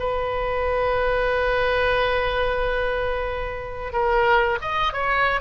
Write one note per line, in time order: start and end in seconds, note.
0.00 3.93 B4
3.93 4.59 A#4
4.62 4.93 D#5
4.93 5.41 C#5